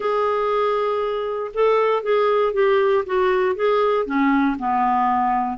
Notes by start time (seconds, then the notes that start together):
0.00 G#4
1.53 A4
2.02 G#4
2.53 G4
3.06 F#4
3.55 G#4
4.05 C#4
4.59 B3